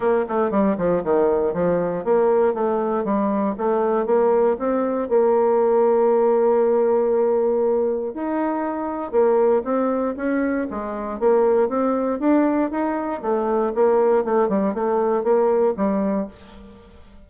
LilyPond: \new Staff \with { instrumentName = "bassoon" } { \time 4/4 \tempo 4 = 118 ais8 a8 g8 f8 dis4 f4 | ais4 a4 g4 a4 | ais4 c'4 ais2~ | ais1 |
dis'2 ais4 c'4 | cis'4 gis4 ais4 c'4 | d'4 dis'4 a4 ais4 | a8 g8 a4 ais4 g4 | }